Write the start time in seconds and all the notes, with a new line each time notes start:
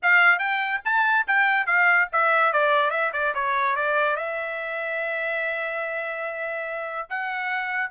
0.02 F5
0.39 G5
0.84 A5
1.27 G5
1.66 F5
2.12 E5
2.52 D5
2.90 E5
3.12 D5
3.34 C#5
3.76 D5
4.16 E5
7.09 F#5